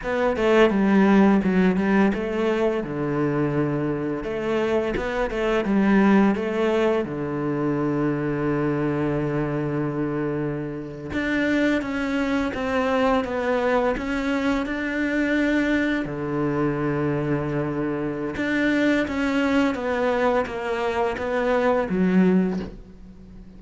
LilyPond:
\new Staff \with { instrumentName = "cello" } { \time 4/4 \tempo 4 = 85 b8 a8 g4 fis8 g8 a4 | d2 a4 b8 a8 | g4 a4 d2~ | d2.~ d8. d'16~ |
d'8. cis'4 c'4 b4 cis'16~ | cis'8. d'2 d4~ d16~ | d2 d'4 cis'4 | b4 ais4 b4 fis4 | }